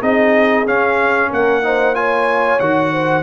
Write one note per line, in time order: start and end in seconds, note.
0.00 0.66 C4
0.00 0.66 D#4
0.00 1.29 G#4
0.00 0.66 D#5
0.66 1.30 C#4
0.66 1.63 C#4
0.66 1.32 F5
1.29 2.60 A#3
1.29 1.62 A#4
1.29 1.95 F#5
1.63 1.94 D#4
1.63 1.97 C5
1.94 2.59 F4
1.94 2.92 C#5
1.94 2.59 G#5
2.59 3.23 D#3
2.59 3.23 F#4
2.59 3.23 F#5
2.92 3.23 C5